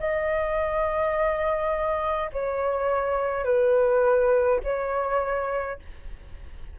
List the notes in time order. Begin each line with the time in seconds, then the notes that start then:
0.00 D#5
2.32 C#5
3.45 B4
4.64 C#5